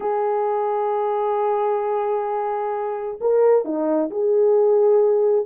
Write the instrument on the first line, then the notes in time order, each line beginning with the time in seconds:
horn
0.00 G#4
3.20 A#4
3.64 D#4
4.10 G#4